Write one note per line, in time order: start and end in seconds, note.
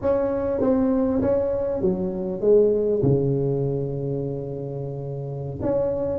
0.01 0.60 C#4
0.60 1.21 C4
1.21 1.81 C#4
1.81 2.40 F#3
2.40 3.01 G#3
3.02 5.60 C#3
5.61 6.18 C#4